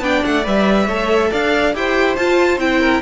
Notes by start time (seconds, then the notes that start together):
0.00 B3 D4 D5 G5
0.25 A3 F#5
0.44 G3 B4 E5
0.87 A3 A4 C#5
1.31 D4 D5 F5
1.75 E4 G4 C5 G5
2.16 F4 A5
2.58 C4 E4 G5
2.81 A#4